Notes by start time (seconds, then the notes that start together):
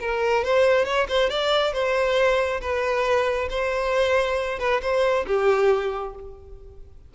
0.00 A#4
0.44 C5
0.85 C#5
1.08 C5
1.29 D5
1.73 C5
2.61 B4
3.49 C5
4.59 B4
4.82 C5
5.27 G4